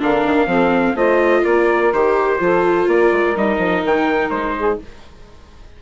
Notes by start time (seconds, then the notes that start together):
0.00 D3 D4 A#4 F5
0.26 D#3
0.47 F3 C4 A4
0.95 A3 F4 C5 D#5
1.42 A#3 A#4 D5
1.93 D#3 G4 C5
2.39 F3 F4 A4
2.88 A#3 A#4 D5
3.12 G#3
3.36 G3 D#4 D#5
3.58 F3
3.85 D#3 G5
4.30 G#3 C5
4.59 G#4